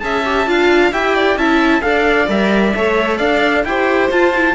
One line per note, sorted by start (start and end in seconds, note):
0.00 0.47 C#4
0.00 0.24 G#4
0.00 0.49 E5
0.00 0.91 A5
0.25 0.47 G4
0.47 0.92 D4
0.47 0.92 F4
0.47 0.93 F5
0.92 1.36 E4
0.92 1.39 G4
0.92 1.15 E5
0.92 1.38 G5
1.15 1.37 D5
1.36 1.82 C#4
1.36 1.82 E4
1.36 1.83 E5
1.36 1.82 A5
1.82 2.28 D4
1.82 2.27 A4
1.82 2.76 D5
1.82 2.27 F5
2.28 2.74 G3
2.28 2.74 A#4
2.28 3.18 E5
2.76 3.20 A3
2.76 3.67 A4
2.76 3.18 C#5
3.18 3.65 D4
3.18 3.63 D5
3.18 3.64 F5
3.65 4.10 E4
3.65 4.12 G4
3.65 4.55 C5
3.65 4.10 G5
4.11 4.55 F4
4.11 4.34 F4
4.11 4.55 A5
4.36 4.55 E4